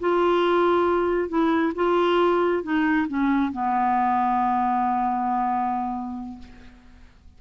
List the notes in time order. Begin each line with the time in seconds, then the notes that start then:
0.00 F4
1.29 E4
1.75 F4
2.63 D#4
3.08 C#4
3.52 B3